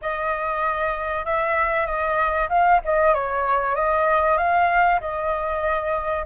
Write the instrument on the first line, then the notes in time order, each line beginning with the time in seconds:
flute
0.01 D#5
1.25 E5
1.86 D#5
2.49 F5
2.84 D#5
3.14 C#5
3.75 D#5
4.37 F5
5.00 D#5